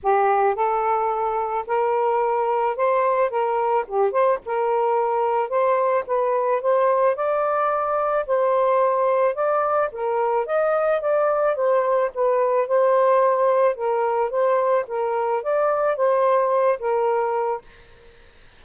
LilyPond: \new Staff \with { instrumentName = "saxophone" } { \time 4/4 \tempo 4 = 109 g'4 a'2 ais'4~ | ais'4 c''4 ais'4 g'8 c''8 | ais'2 c''4 b'4 | c''4 d''2 c''4~ |
c''4 d''4 ais'4 dis''4 | d''4 c''4 b'4 c''4~ | c''4 ais'4 c''4 ais'4 | d''4 c''4. ais'4. | }